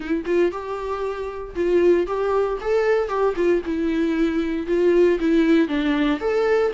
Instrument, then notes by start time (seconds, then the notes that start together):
viola
0.00 E4
0.25 F4
0.51 G4
1.55 F4
2.06 G4
2.60 A4
3.08 G4
3.36 F4
3.65 E4
4.67 F4
5.19 E4
5.68 D4
6.20 A4